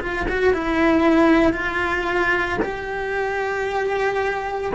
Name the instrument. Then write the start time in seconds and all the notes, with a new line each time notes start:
cello
0.00 F4
0.29 F#4
0.54 E4
1.53 F4
2.62 G4